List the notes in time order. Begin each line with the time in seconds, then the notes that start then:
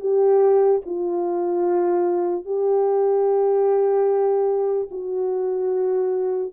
0.00 G4
0.86 F4
2.45 G4
4.91 F#4